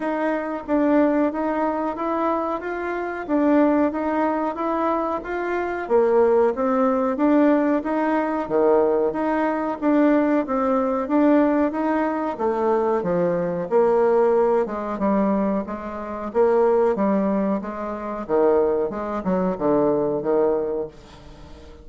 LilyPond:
\new Staff \with { instrumentName = "bassoon" } { \time 4/4 \tempo 4 = 92 dis'4 d'4 dis'4 e'4 | f'4 d'4 dis'4 e'4 | f'4 ais4 c'4 d'4 | dis'4 dis4 dis'4 d'4 |
c'4 d'4 dis'4 a4 | f4 ais4. gis8 g4 | gis4 ais4 g4 gis4 | dis4 gis8 fis8 d4 dis4 | }